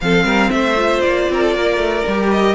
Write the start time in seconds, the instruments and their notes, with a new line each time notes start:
0.00 cello F3, viola C4, violin A4 F5
0.24 cello G3, violin A#4
0.50 cello A3, violin C5 E5
0.76 viola F4
1.00 cello A#3, violin D5
1.29 cello C4, violin A#4
1.42 violin A4
1.55 cello A#3, violin A#4
1.76 cello A3
2.07 cello G3, viola G4
2.31 violin D#5